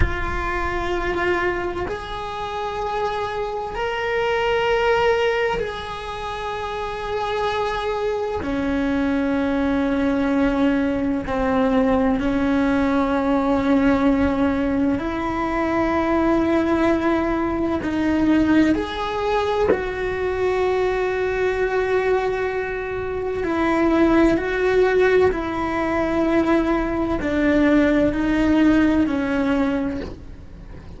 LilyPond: \new Staff \with { instrumentName = "cello" } { \time 4/4 \tempo 4 = 64 f'2 gis'2 | ais'2 gis'2~ | gis'4 cis'2. | c'4 cis'2. |
e'2. dis'4 | gis'4 fis'2.~ | fis'4 e'4 fis'4 e'4~ | e'4 d'4 dis'4 cis'4 | }